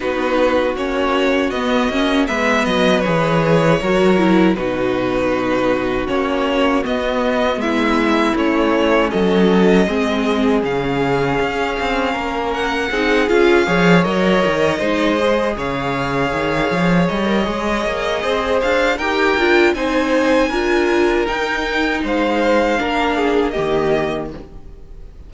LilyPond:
<<
  \new Staff \with { instrumentName = "violin" } { \time 4/4 \tempo 4 = 79 b'4 cis''4 dis''4 e''8 dis''8 | cis''2 b'2 | cis''4 dis''4 e''4 cis''4 | dis''2 f''2~ |
f''8 fis''4 f''4 dis''4.~ | dis''8 f''2 dis''4.~ | dis''8 f''8 g''4 gis''2 | g''4 f''2 dis''4 | }
  \new Staff \with { instrumentName = "violin" } { \time 4/4 fis'2. b'4~ | b'4 ais'4 fis'2~ | fis'2 e'2 | a'4 gis'2. |
ais'4 gis'4 cis''4. c''8~ | c''8 cis''2.~ cis''8 | c''4 ais'4 c''4 ais'4~ | ais'4 c''4 ais'8 gis'8 g'4 | }
  \new Staff \with { instrumentName = "viola" } { \time 4/4 dis'4 cis'4 b8 cis'8 b4 | gis'4 fis'8 e'8 dis'2 | cis'4 b2 cis'4~ | cis'4 c'4 cis'2~ |
cis'4 dis'8 f'8 gis'8 ais'4 dis'8 | gis'2~ gis'8. ais'16 gis'4~ | gis'4 g'8 f'8 dis'4 f'4 | dis'2 d'4 ais4 | }
  \new Staff \with { instrumentName = "cello" } { \time 4/4 b4 ais4 b8 ais8 gis8 fis8 | e4 fis4 b,2 | ais4 b4 gis4 a4 | fis4 gis4 cis4 cis'8 c'8 |
ais4 c'8 cis'8 f8 fis8 dis8 gis8~ | gis8 cis4 dis8 f8 g8 gis8 ais8 | c'8 d'8 dis'8 d'8 c'4 d'4 | dis'4 gis4 ais4 dis4 | }
>>